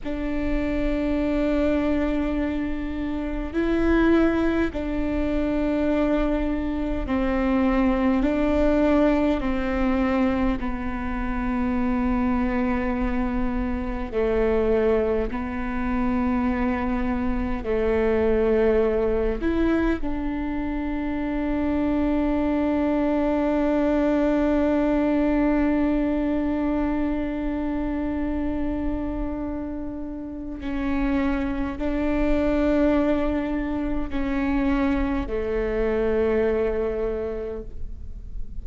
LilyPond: \new Staff \with { instrumentName = "viola" } { \time 4/4 \tempo 4 = 51 d'2. e'4 | d'2 c'4 d'4 | c'4 b2. | a4 b2 a4~ |
a8 e'8 d'2.~ | d'1~ | d'2 cis'4 d'4~ | d'4 cis'4 a2 | }